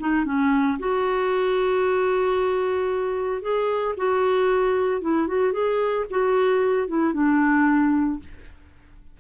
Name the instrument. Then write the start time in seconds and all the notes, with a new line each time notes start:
clarinet
0.00 D#4
0.25 C#4
0.79 F#4
3.42 G#4
3.97 F#4
5.02 E4
5.28 F#4
5.53 G#4
6.10 F#4
6.88 E4
7.13 D4